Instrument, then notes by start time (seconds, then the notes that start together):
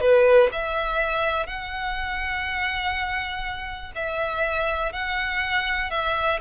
violin
0.00 B4
0.51 E5
1.46 F#5
3.95 E5
4.92 F#5
5.90 E5